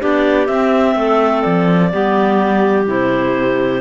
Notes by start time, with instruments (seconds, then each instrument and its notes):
0.00 cello B3, clarinet D4 G4 D5
0.47 cello C4, clarinet C4 E5
0.96 cello A3, clarinet A4
1.42 cello F3, clarinet D5
1.92 cello G3, clarinet B3 G4
2.87 cello C3, clarinet E4 C5